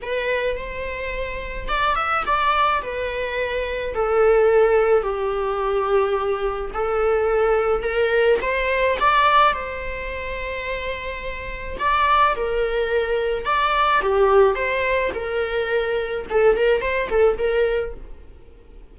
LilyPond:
\new Staff \with { instrumentName = "viola" } { \time 4/4 \tempo 4 = 107 b'4 c''2 d''8 e''8 | d''4 b'2 a'4~ | a'4 g'2. | a'2 ais'4 c''4 |
d''4 c''2.~ | c''4 d''4 ais'2 | d''4 g'4 c''4 ais'4~ | ais'4 a'8 ais'8 c''8 a'8 ais'4 | }